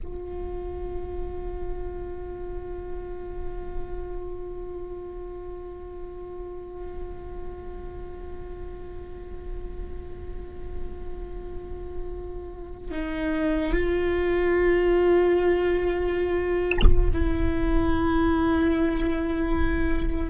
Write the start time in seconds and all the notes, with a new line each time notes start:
0.03 F4
12.91 D#4
13.72 F4
17.13 E4